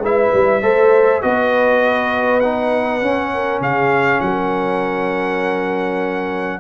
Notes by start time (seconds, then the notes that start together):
0.00 G#3 E4 B4 E5
0.34 G3
0.62 A3 A4 C5
1.22 B3 F#4 B4 D#5
2.40 D#4 F#5
3.02 C#4
3.34 A#4
3.60 C#3 G#4 F5
4.21 F#3 A#4 F#5